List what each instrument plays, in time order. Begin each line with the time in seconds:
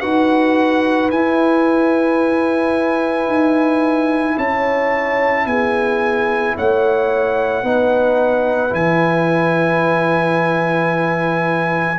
0.00 tuba D#4, trombone F#4, horn B4, trumpet F#5
1.10 tuba E4, trombone E4, trumpet G#5
3.27 tuba D#4
4.37 tuba C#4, horn C#5, trumpet A5
5.46 tuba B3, horn G#4, trumpet G#5
6.56 tuba A3, horn C#5, trumpet F#5
7.63 tuba B3, trombone D#4, horn B4
8.69 tuba E3, trombone E4, trumpet G#5